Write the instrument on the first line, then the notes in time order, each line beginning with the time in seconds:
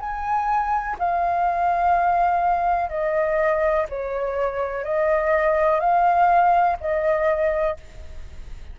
flute
0.00 G#5
0.99 F5
2.89 D#5
3.89 C#5
4.84 D#5
5.80 F5
6.80 D#5